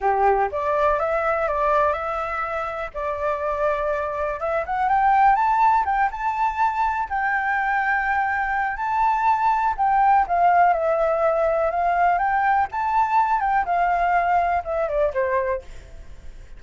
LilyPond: \new Staff \with { instrumentName = "flute" } { \time 4/4 \tempo 4 = 123 g'4 d''4 e''4 d''4 | e''2 d''2~ | d''4 e''8 fis''8 g''4 a''4 | g''8 a''2 g''4.~ |
g''2 a''2 | g''4 f''4 e''2 | f''4 g''4 a''4. g''8 | f''2 e''8 d''8 c''4 | }